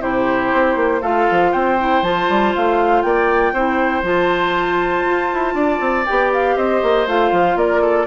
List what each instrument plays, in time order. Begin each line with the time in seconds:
0.00 bassoon C3, clarinet E4, oboe G4, flute C5
0.53 bassoon C4
0.76 bassoon A#3
1.01 bassoon A3, clarinet F4, oboe A4, flute F5
1.30 bassoon F3
1.51 bassoon C4, oboe C5, flute G5
1.79 clarinet E4
2.02 bassoon F3, clarinet F4, flute A5
2.28 bassoon G3
2.55 bassoon A3, flute F5
3.02 bassoon A#3, oboe D5, flute G5
3.52 bassoon C4, clarinet E4, oboe C5
4.02 bassoon F3, clarinet F4, flute A5
5.06 bassoon F4
5.33 bassoon E4
5.54 bassoon D4, oboe D5
5.79 bassoon C4
6.05 bassoon B3, clarinet G4, flute G5
6.33 flute F5
6.56 bassoon C4, oboe C5, flute D#5
6.82 bassoon A#3
7.07 bassoon A3, clarinet F4, flute F5
7.31 bassoon F3
7.55 bassoon A#3, oboe A#4, flute D5
7.81 oboe A4